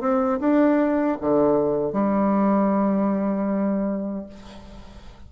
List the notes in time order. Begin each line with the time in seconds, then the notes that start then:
0.00 C4
0.40 D4
1.20 D3
1.92 G3